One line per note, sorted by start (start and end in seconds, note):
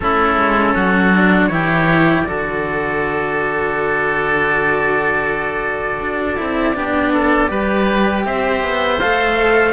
0.00 0.36 A3
0.00 1.13 C#4
0.00 0.74 E4
0.00 1.46 A4
0.36 0.73 G#3
0.74 1.48 F#3
0.74 1.49 F#4
1.13 1.50 D4
1.46 2.23 E3
1.46 2.25 E4
1.46 2.27 G4
1.46 2.21 C#5
2.23 6.36 F#4
2.23 6.75 A4
2.23 8.23 D5
2.29 6.00 D3
6.00 6.38 D4
6.36 6.75 C4
6.36 6.73 E4
6.74 7.50 B3
6.74 7.48 D4
6.74 7.12 G4
7.13 7.50 A4
7.48 8.25 G3
7.48 8.98 G4
7.48 8.25 B4
8.25 8.62 C4
8.25 9.73 C5
8.25 8.99 E5
8.62 9.00 B3
8.99 9.73 A3
8.99 9.73 A4
8.99 9.73 F5